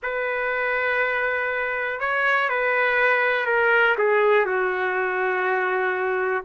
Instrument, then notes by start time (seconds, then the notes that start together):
trumpet
0.02 B4
2.00 C#5
2.49 B4
3.46 A#4
3.98 G#4
4.45 F#4